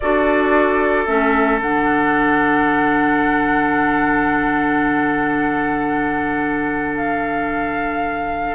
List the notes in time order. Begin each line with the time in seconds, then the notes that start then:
0.00 D4 F#4 A4 D5
1.06 A3 C#4 E5
1.60 D3 D4 F#5
6.97 F5